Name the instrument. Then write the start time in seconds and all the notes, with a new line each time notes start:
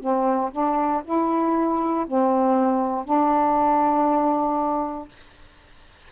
saxophone
0.00 C4
0.52 D4
1.04 E4
2.07 C4
3.05 D4